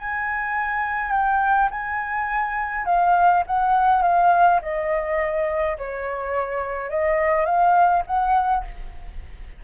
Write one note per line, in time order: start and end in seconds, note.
0.00 1.12 G#5
1.12 1.70 G5
1.71 2.86 G#5
2.86 3.44 F5
3.47 4.03 F#5
4.03 4.60 F5
4.63 5.78 D#5
5.78 6.90 C#5
6.90 7.46 D#5
7.46 8.03 F5
8.07 8.65 F#5